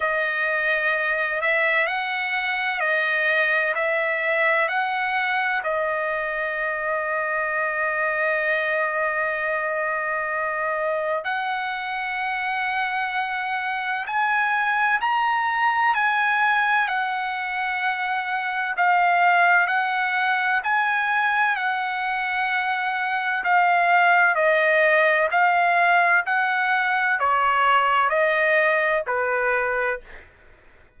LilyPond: \new Staff \with { instrumentName = "trumpet" } { \time 4/4 \tempo 4 = 64 dis''4. e''8 fis''4 dis''4 | e''4 fis''4 dis''2~ | dis''1 | fis''2. gis''4 |
ais''4 gis''4 fis''2 | f''4 fis''4 gis''4 fis''4~ | fis''4 f''4 dis''4 f''4 | fis''4 cis''4 dis''4 b'4 | }